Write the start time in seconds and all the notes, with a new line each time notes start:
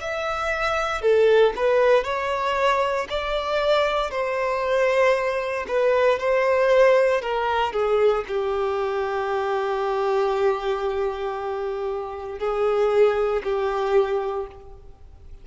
0.00 E5
1.01 A4
1.56 B4
2.04 C#5
3.09 D5
4.11 C5
5.67 B4
6.19 C5
7.21 A#4
7.73 G#4
8.28 G4
12.39 G#4
13.43 G4